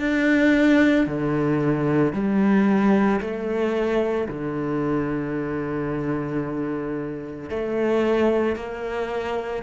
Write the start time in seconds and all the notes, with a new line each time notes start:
0.00 D4
1.07 D3
2.13 G3
3.20 A3
4.29 D3
7.50 A3
8.56 A#3